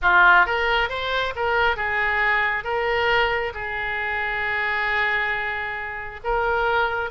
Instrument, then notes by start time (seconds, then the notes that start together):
oboe
0.02 F4
0.46 A#4
0.89 C5
1.35 A#4
1.76 G#4
2.63 A#4
3.54 G#4
6.23 A#4